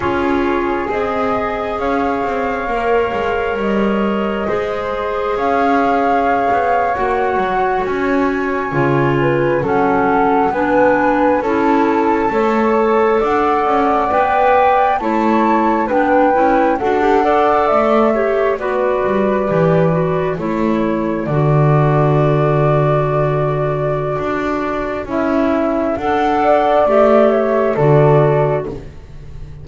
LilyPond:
<<
  \new Staff \with { instrumentName = "flute" } { \time 4/4 \tempo 4 = 67 cis''4 dis''4 f''2 | dis''2 f''4.~ f''16 fis''16~ | fis''8. gis''2 fis''4 gis''16~ | gis''8. a''2 fis''4 g''16~ |
g''8. a''4 g''4 fis''4 e''16~ | e''8. d''2 cis''4 d''16~ | d''1 | e''4 fis''4 e''4 d''4 | }
  \new Staff \with { instrumentName = "flute" } { \time 4/4 gis'2 cis''2~ | cis''4 c''4 cis''2~ | cis''2~ cis''16 b'8 a'4 b'16~ | b'8. a'4 cis''4 d''4~ d''16~ |
d''8. cis''4 b'4 a'8 d''8.~ | d''16 cis''8 b'2 a'4~ a'16~ | a'1~ | a'4. d''4 cis''8 a'4 | }
  \new Staff \with { instrumentName = "clarinet" } { \time 4/4 f'4 gis'2 ais'4~ | ais'4 gis'2~ gis'8. fis'16~ | fis'4.~ fis'16 f'4 cis'4 d'16~ | d'8. e'4 a'2 b'16~ |
b'8. e'4 d'8 e'8 fis'16 g'16 a'8.~ | a'16 g'8 fis'4 g'8 fis'8 e'4 fis'16~ | fis'1 | e'4 a'4 g'4 fis'4 | }
  \new Staff \with { instrumentName = "double bass" } { \time 4/4 cis'4 c'4 cis'8 c'8 ais8 gis8 | g4 gis4 cis'4~ cis'16 b8 ais16~ | ais16 fis8 cis'4 cis4 fis4 b16~ | b8. cis'4 a4 d'8 cis'8 b16~ |
b8. a4 b8 cis'8 d'4 a16~ | a8. b8 g8 e4 a4 d16~ | d2. d'4 | cis'4 d'4 a4 d4 | }
>>